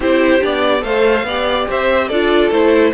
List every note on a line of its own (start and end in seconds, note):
0.00 0.41 C4
0.00 0.40 E4
0.00 0.83 G4
0.00 0.43 C5
0.40 0.83 B3
0.40 0.80 D4
0.40 0.83 D5
0.80 1.23 A3
0.80 1.22 A4
0.80 1.26 C5
0.80 1.67 F5
1.23 1.65 B3
1.23 2.12 G4
1.23 1.68 D5
1.68 2.10 C4
1.68 2.08 C5
1.68 2.08 E5
2.08 2.50 D4
2.08 2.52 F4
2.08 2.92 A4
2.08 2.50 D5
2.50 2.92 A3
2.50 2.94 E4
2.50 2.93 C5